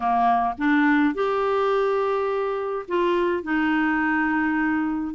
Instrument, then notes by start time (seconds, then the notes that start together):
clarinet
0.00 A#3
0.57 D4
1.14 G4
2.88 F4
3.43 D#4